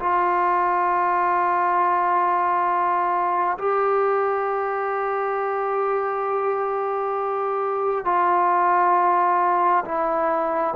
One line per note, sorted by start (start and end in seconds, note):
0.00 3.58 F4
3.59 8.06 G4
8.06 9.85 F4
9.85 10.75 E4